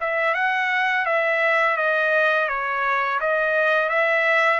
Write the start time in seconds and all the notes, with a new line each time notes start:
0.00 E5
0.34 F#5
1.05 E5
1.77 D#5
2.48 C#5
3.20 D#5
3.89 E5